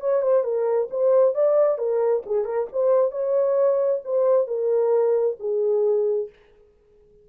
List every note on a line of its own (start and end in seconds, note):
0.00 0.21 C#5
0.21 0.43 C5
0.43 0.88 A#4
0.90 1.34 C5
1.34 1.77 D5
1.77 2.22 A#4
2.26 2.44 G#4
2.44 2.67 A#4
2.72 3.11 C5
3.11 4.01 C#5
4.04 4.47 C5
4.47 5.36 A#4
5.39 6.29 G#4